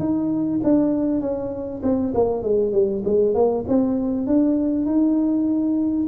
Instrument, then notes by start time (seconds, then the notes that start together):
tuba
0.00 D#4
0.64 D4
1.21 C#4
1.83 C4
2.15 A#3
2.43 G#3
2.73 G3
3.05 G#3
3.35 A#3
3.69 C4
4.27 D4
4.86 D#4